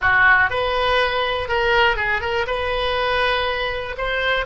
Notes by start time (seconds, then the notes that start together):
0.01 F#4
0.50 B4
1.48 A#4
1.96 G#4
2.21 A#4
2.46 B4
3.97 C5